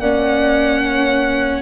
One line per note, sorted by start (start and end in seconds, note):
0.00 1.62 A#3
0.00 1.62 C#4
0.00 0.82 D5
0.00 1.62 F#5
0.83 1.62 C#5